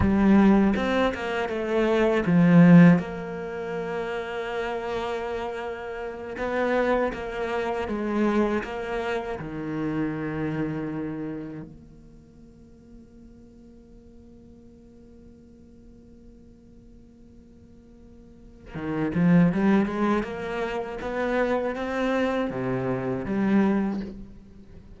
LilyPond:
\new Staff \with { instrumentName = "cello" } { \time 4/4 \tempo 4 = 80 g4 c'8 ais8 a4 f4 | ais1~ | ais8 b4 ais4 gis4 ais8~ | ais8 dis2. ais8~ |
ais1~ | ais1~ | ais4 dis8 f8 g8 gis8 ais4 | b4 c'4 c4 g4 | }